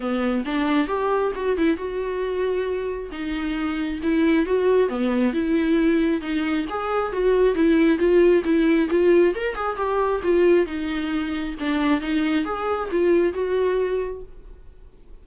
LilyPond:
\new Staff \with { instrumentName = "viola" } { \time 4/4 \tempo 4 = 135 b4 d'4 g'4 fis'8 e'8 | fis'2. dis'4~ | dis'4 e'4 fis'4 b4 | e'2 dis'4 gis'4 |
fis'4 e'4 f'4 e'4 | f'4 ais'8 gis'8 g'4 f'4 | dis'2 d'4 dis'4 | gis'4 f'4 fis'2 | }